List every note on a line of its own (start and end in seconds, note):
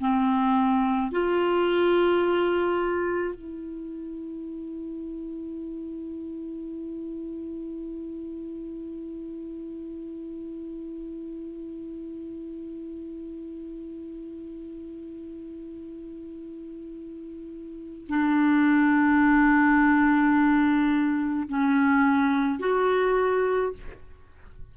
0.00 1.11 C4
1.11 3.35 F4
3.35 18.07 E4
18.08 21.48 D4
21.48 22.59 C#4
22.59 23.72 F#4